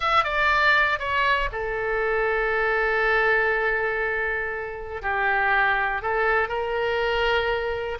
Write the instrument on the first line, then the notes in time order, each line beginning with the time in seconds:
oboe
0.00 E5
0.24 D5
0.99 C#5
1.52 A4
5.02 G4
6.02 A4
6.48 A#4